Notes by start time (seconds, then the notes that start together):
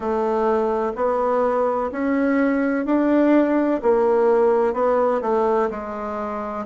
0.00 A3
0.95 B3
1.91 C#4
2.85 D4
3.82 A#3
4.73 B3
5.21 A3
5.70 G#3